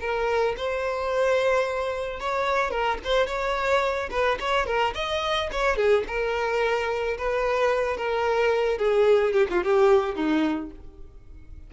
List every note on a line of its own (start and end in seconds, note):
0.00 0.55 A#4
0.57 2.20 C5
2.20 2.70 C#5
2.70 2.98 A#4
3.04 3.27 C5
3.27 4.09 C#5
4.11 4.38 B4
4.40 4.66 C#5
4.66 4.94 A#4
4.95 5.50 D#5
5.52 5.76 C#5
5.76 6.04 G#4
6.07 7.17 A#4
7.18 7.97 B4
7.97 8.78 A#4
8.78 9.33 G#4
9.33 9.47 G4
9.51 9.64 F4
9.64 10.15 G4
10.15 10.70 D#4